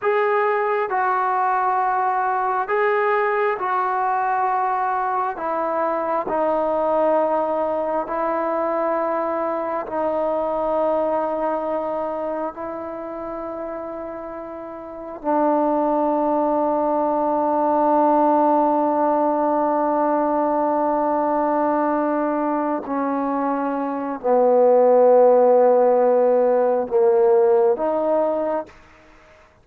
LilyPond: \new Staff \with { instrumentName = "trombone" } { \time 4/4 \tempo 4 = 67 gis'4 fis'2 gis'4 | fis'2 e'4 dis'4~ | dis'4 e'2 dis'4~ | dis'2 e'2~ |
e'4 d'2.~ | d'1~ | d'4. cis'4. b4~ | b2 ais4 dis'4 | }